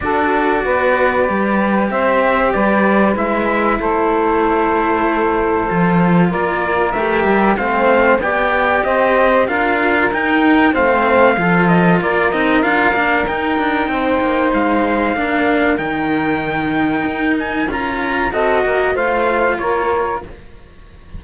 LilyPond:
<<
  \new Staff \with { instrumentName = "trumpet" } { \time 4/4 \tempo 4 = 95 d''2. e''4 | d''4 e''4 c''2~ | c''2 d''4 e''4 | f''4 g''4 dis''4 f''4 |
g''4 f''4. dis''8 d''8 dis''8 | f''4 g''2 f''4~ | f''4 g''2~ g''8 gis''8 | ais''4 dis''4 f''4 cis''4 | }
  \new Staff \with { instrumentName = "saxophone" } { \time 4/4 a'4 b'2 c''4 | b'2 a'2~ | a'2 ais'2 | c''4 d''4 c''4 ais'4~ |
ais'4 c''4 a'4 ais'4~ | ais'2 c''2 | ais'1~ | ais'4 a'8 ais'8 c''4 ais'4 | }
  \new Staff \with { instrumentName = "cello" } { \time 4/4 fis'2 g'2~ | g'4 e'2.~ | e'4 f'2 g'4 | c'4 g'2 f'4 |
dis'4 c'4 f'4. dis'8 | f'8 d'8 dis'2. | d'4 dis'2. | f'4 fis'4 f'2 | }
  \new Staff \with { instrumentName = "cello" } { \time 4/4 d'4 b4 g4 c'4 | g4 gis4 a2~ | a4 f4 ais4 a8 g8 | a4 b4 c'4 d'4 |
dis'4 a4 f4 ais8 c'8 | d'8 ais8 dis'8 d'8 c'8 ais8 gis4 | ais4 dis2 dis'4 | cis'4 c'8 ais8 a4 ais4 | }
>>